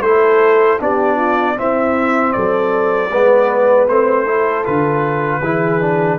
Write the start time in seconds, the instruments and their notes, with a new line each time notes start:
0.00 tuba A3, trombone E4, horn A4, trumpet C5
0.79 tuba B3, trombone D4, horn G4, trumpet D5
1.16 horn F4
1.56 trombone C4, tuba C4, horn E4, trumpet E5
2.32 tuba F#3, horn A4, trumpet D5
3.10 tuba G#3, trombone B3, horn B4
3.88 tuba A3, trombone C4, trumpet C5
4.24 trombone E4, horn A4
4.64 tuba D3, trombone F4, trumpet B4
5.41 tuba E3, trombone E4, horn G#4
5.81 trombone D4